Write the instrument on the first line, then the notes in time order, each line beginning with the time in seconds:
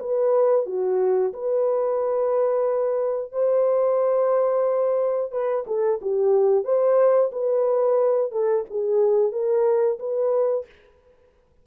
horn
0.00 B4
0.66 F#4
1.34 B4
3.32 C5
5.32 B4
5.67 A4
6.02 G4
6.65 C5
7.32 B4
8.32 A4
8.70 G#4
9.32 A#4
9.99 B4